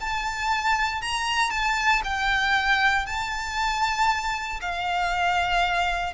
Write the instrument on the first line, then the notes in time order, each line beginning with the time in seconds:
violin
0.00 A5
1.01 A#5
1.50 A5
2.04 G5
3.06 A5
4.61 F5